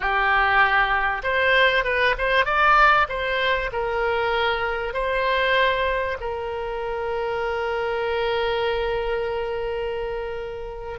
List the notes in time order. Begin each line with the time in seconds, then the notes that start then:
0.00 G4
1.23 C5
1.84 B4
2.18 C5
2.45 D5
3.08 C5
3.72 A#4
4.93 C5
6.20 A#4